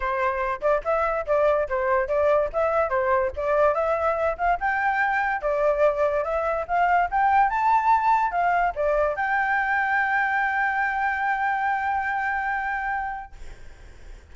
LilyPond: \new Staff \with { instrumentName = "flute" } { \time 4/4 \tempo 4 = 144 c''4. d''8 e''4 d''4 | c''4 d''4 e''4 c''4 | d''4 e''4. f''8 g''4~ | g''4 d''2 e''4 |
f''4 g''4 a''2 | f''4 d''4 g''2~ | g''1~ | g''1 | }